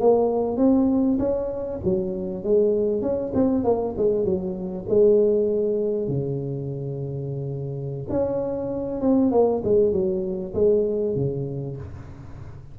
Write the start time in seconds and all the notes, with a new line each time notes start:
0.00 A#3
0.57 C4
1.19 C#4
1.84 F#3
2.44 G#3
3.02 C#4
3.34 C4
3.64 A#3
3.97 G#3
4.25 F#3
4.89 G#3
6.08 C#3
8.10 C#4
9.01 C4
9.32 A#3
9.64 G#3
9.92 F#3
10.54 G#3
11.15 C#3